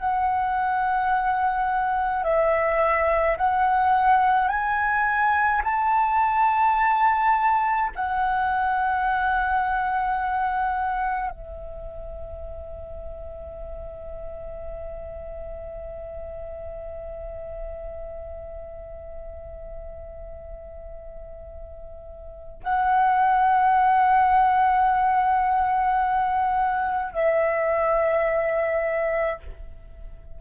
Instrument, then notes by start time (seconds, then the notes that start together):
flute
0.00 F#5
2.24 E5
3.38 F#5
4.49 G#5
5.64 A5
7.96 F#5
11.31 E5
22.64 F#5
27.13 E5